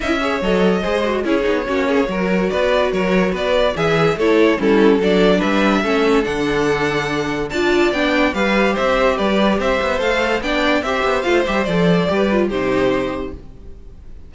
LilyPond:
<<
  \new Staff \with { instrumentName = "violin" } { \time 4/4 \tempo 4 = 144 e''4 dis''2 cis''4~ | cis''2 d''4 cis''4 | d''4 e''4 cis''4 a'4 | d''4 e''2 fis''4~ |
fis''2 a''4 g''4 | f''4 e''4 d''4 e''4 | f''4 g''4 e''4 f''8 e''8 | d''2 c''2 | }
  \new Staff \with { instrumentName = "violin" } { \time 4/4 dis''8 cis''4. c''4 gis'4 | fis'8 gis'8 ais'4 b'4 ais'4 | b'4 gis'4 a'4 e'4 | a'4 b'4 a'2~ |
a'2 d''2 | b'4 c''4 b'4 c''4~ | c''4 d''4 c''2~ | c''4 b'4 g'2 | }
  \new Staff \with { instrumentName = "viola" } { \time 4/4 e'8 gis'8 a'4 gis'8 fis'8 e'8 dis'8 | cis'4 fis'2.~ | fis'4 gis'4 e'4 cis'4 | d'2 cis'4 d'4~ |
d'2 f'4 d'4 | g'1 | a'4 d'4 g'4 f'8 g'8 | a'4 g'8 f'8 dis'2 | }
  \new Staff \with { instrumentName = "cello" } { \time 4/4 cis'4 fis4 gis4 cis'8 b8 | ais4 fis4 b4 fis4 | b4 e4 a4 g4 | fis4 g4 a4 d4~ |
d2 d'4 b4 | g4 c'4 g4 c'8 b8 | a4 b4 c'8 b8 a8 g8 | f4 g4 c2 | }
>>